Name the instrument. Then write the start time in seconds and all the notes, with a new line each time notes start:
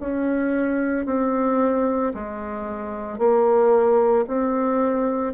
bassoon
0.00 C#4
1.06 C4
2.14 G#3
3.18 A#3
4.27 C4